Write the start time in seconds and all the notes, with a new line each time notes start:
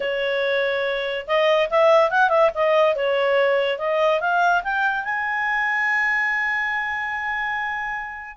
0.00 C#5
1.27 D#5
1.69 E5
2.10 F#5
2.29 E5
2.54 D#5
2.95 C#5
3.78 D#5
4.20 F5
4.63 G5
5.04 G#5